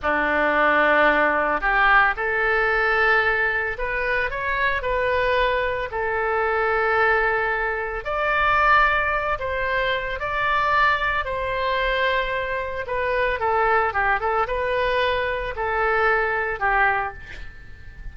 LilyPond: \new Staff \with { instrumentName = "oboe" } { \time 4/4 \tempo 4 = 112 d'2. g'4 | a'2. b'4 | cis''4 b'2 a'4~ | a'2. d''4~ |
d''4. c''4. d''4~ | d''4 c''2. | b'4 a'4 g'8 a'8 b'4~ | b'4 a'2 g'4 | }